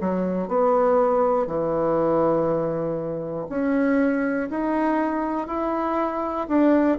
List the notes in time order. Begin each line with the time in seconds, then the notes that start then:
0.00 F#3
0.48 B3
1.47 E3
3.49 C#4
4.50 D#4
5.47 E4
6.48 D4